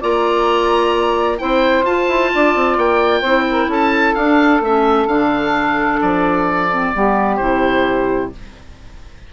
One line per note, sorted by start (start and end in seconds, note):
0.00 1.41 A#3
0.00 1.38 F4
0.00 1.38 D5
0.00 1.38 A#5
1.38 1.82 C4
1.38 1.84 E4
1.38 2.32 C5
1.38 1.85 G5
1.82 2.05 F4
1.82 3.24 F4
1.82 2.77 A5
2.08 2.31 E4
2.34 2.55 D4
2.34 3.20 D5
2.55 2.77 C4
2.77 3.22 A#3
2.77 3.70 G5
3.20 3.67 C4
3.20 4.16 E4
3.20 3.43 C5
3.51 3.68 A#4
3.67 4.13 C#4
3.67 6.91 A4
3.67 4.15 A5
4.15 4.60 D4
4.15 4.62 D4
4.15 4.61 F5
4.60 5.06 A3
4.60 5.07 C#4
4.60 5.08 E5
5.07 5.99 D3
5.07 6.69 D4
5.07 6.00 F5
6.01 6.94 F3
6.01 7.36 D5
6.70 6.93 C4
6.93 7.39 G3
6.93 7.39 B3
6.93 8.33 G4
7.36 8.32 C3
7.36 8.32 E4
7.36 8.28 C5